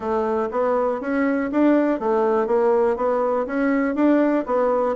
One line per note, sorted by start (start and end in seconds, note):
0.00 0.48 A3
0.51 1.01 B3
1.01 1.50 C#4
1.51 1.99 D4
1.99 2.47 A3
2.47 2.96 A#3
2.96 3.46 B3
3.46 3.95 C#4
3.95 4.44 D4
4.45 4.95 B3